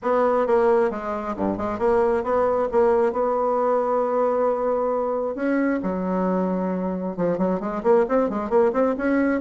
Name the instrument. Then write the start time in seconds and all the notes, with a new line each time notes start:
bassoon
0.02 B3
0.46 A#3
0.90 G#3
1.36 G2
1.57 G#3
1.78 A#3
2.23 B3
2.71 A#3
3.12 B3
5.35 C#4
5.82 F#3
7.16 F3
7.38 F#3
7.59 G#3
7.83 A#3
8.08 C4
8.29 G#3
8.49 A#3
8.73 C4
8.97 C#4